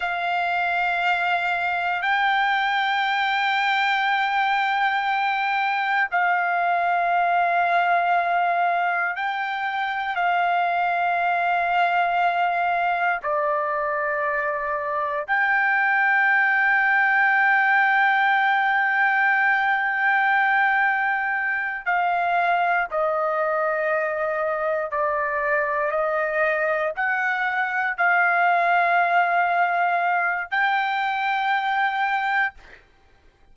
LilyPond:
\new Staff \with { instrumentName = "trumpet" } { \time 4/4 \tempo 4 = 59 f''2 g''2~ | g''2 f''2~ | f''4 g''4 f''2~ | f''4 d''2 g''4~ |
g''1~ | g''4. f''4 dis''4.~ | dis''8 d''4 dis''4 fis''4 f''8~ | f''2 g''2 | }